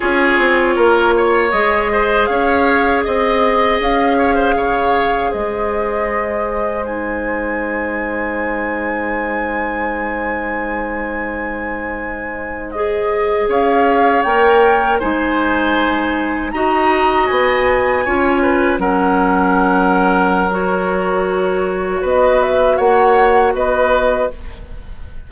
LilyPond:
<<
  \new Staff \with { instrumentName = "flute" } { \time 4/4 \tempo 4 = 79 cis''2 dis''4 f''4 | dis''4 f''2 dis''4~ | dis''4 gis''2.~ | gis''1~ |
gis''8. dis''4 f''4 g''4 gis''16~ | gis''4.~ gis''16 ais''4 gis''4~ gis''16~ | gis''8. fis''2~ fis''16 cis''4~ | cis''4 dis''8 e''8 fis''4 dis''4 | }
  \new Staff \with { instrumentName = "oboe" } { \time 4/4 gis'4 ais'8 cis''4 c''8 cis''4 | dis''4. cis''16 c''16 cis''4 c''4~ | c''1~ | c''1~ |
c''4.~ c''16 cis''2 c''16~ | c''4.~ c''16 dis''2 cis''16~ | cis''16 b'8 ais'2.~ ais'16~ | ais'4 b'4 cis''4 b'4 | }
  \new Staff \with { instrumentName = "clarinet" } { \time 4/4 f'2 gis'2~ | gis'1~ | gis'4 dis'2.~ | dis'1~ |
dis'8. gis'2 ais'4 dis'16~ | dis'4.~ dis'16 fis'2 f'16~ | f'8. cis'2~ cis'16 fis'4~ | fis'1 | }
  \new Staff \with { instrumentName = "bassoon" } { \time 4/4 cis'8 c'8 ais4 gis4 cis'4 | c'4 cis'4 cis4 gis4~ | gis1~ | gis1~ |
gis4.~ gis16 cis'4 ais4 gis16~ | gis4.~ gis16 dis'4 b4 cis'16~ | cis'8. fis2.~ fis16~ | fis4 b4 ais4 b4 | }
>>